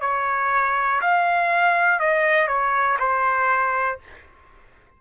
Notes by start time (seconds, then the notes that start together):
0.00 C#5
1.01 F5
1.99 D#5
2.47 C#5
2.99 C5